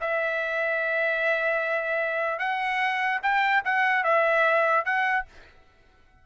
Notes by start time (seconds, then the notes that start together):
0.00 E5
2.38 F#5
3.22 G5
3.64 F#5
4.03 E5
4.84 F#5